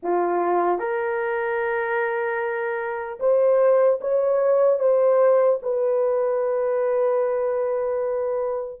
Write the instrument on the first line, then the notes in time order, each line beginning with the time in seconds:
horn
0.03 F4
0.79 A#4
3.19 C5
4.00 C#5
4.79 C5
5.62 B4